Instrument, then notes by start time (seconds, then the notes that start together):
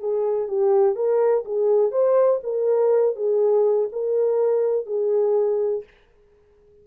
horn
0.00 G#4
0.48 G4
0.96 A#4
1.45 G#4
1.92 C5
2.44 A#4
3.16 G#4
3.92 A#4
4.87 G#4